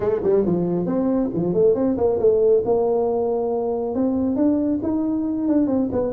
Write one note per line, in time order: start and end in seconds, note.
0.00 0.21 A3
0.23 0.45 G3
0.45 0.86 F3
0.86 1.29 C4
1.34 1.53 F3
1.53 1.74 A3
1.74 1.96 C4
1.97 2.19 A#3
2.19 2.63 A3
2.65 3.94 A#3
3.94 4.36 C4
4.36 4.79 D4
4.82 5.47 D#4
5.47 5.67 D4
5.67 5.88 C4
5.92 6.13 B3